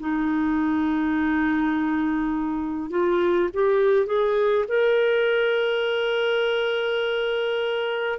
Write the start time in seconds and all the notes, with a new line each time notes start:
0.00 D#4
2.90 F4
3.53 G4
4.06 G#4
4.68 A#4